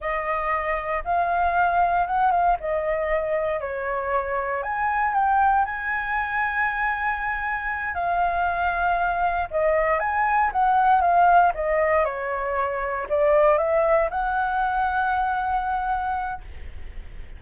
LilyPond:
\new Staff \with { instrumentName = "flute" } { \time 4/4 \tempo 4 = 117 dis''2 f''2 | fis''8 f''8 dis''2 cis''4~ | cis''4 gis''4 g''4 gis''4~ | gis''2.~ gis''8 f''8~ |
f''2~ f''8 dis''4 gis''8~ | gis''8 fis''4 f''4 dis''4 cis''8~ | cis''4. d''4 e''4 fis''8~ | fis''1 | }